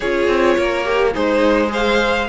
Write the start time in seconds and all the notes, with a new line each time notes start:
0.00 C#4 F4 G#4 C#5
0.27 C4
0.57 A#3 A#4
0.84 G4
1.13 G#3 D#4 G#4 C5
1.70 C5 F5